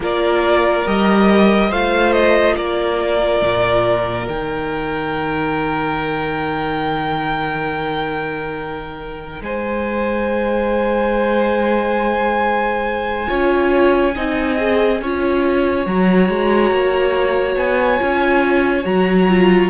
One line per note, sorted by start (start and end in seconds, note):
0.00 0.85 A#3
0.00 0.85 F4
0.00 1.69 A#4
0.00 0.87 D5
0.85 1.72 G3
0.85 1.71 G4
0.85 1.71 D#5
1.69 2.57 A3
1.69 4.26 F4
1.69 2.55 C5
1.69 2.12 F5
2.12 2.55 D#5
2.56 3.42 A#3
2.56 9.42 A#4
2.56 4.27 D5
3.42 4.27 A#2
4.26 9.41 D#3
4.26 13.26 D#4
4.26 9.42 G5
9.41 13.26 G#3
9.41 13.28 C5
9.41 15.86 G#5
13.27 14.16 C#4
13.27 14.12 F4
13.27 14.14 C#5
14.15 15.01 C4
14.15 14.57 D#4
14.15 15.01 D#5
14.57 15.00 G#4
15.01 15.86 C#4
15.01 15.85 F4
15.01 19.69 C#5
15.85 16.28 F#3
15.85 17.98 F#4
15.85 17.57 A#5
16.28 16.71 G#3
16.71 17.56 A#3
17.56 17.99 B3
17.56 18.85 G#5
17.98 18.84 C#4
17.98 18.83 F4
18.84 19.69 F#3
18.84 19.27 F#4
18.84 19.69 A#5
19.28 19.69 F4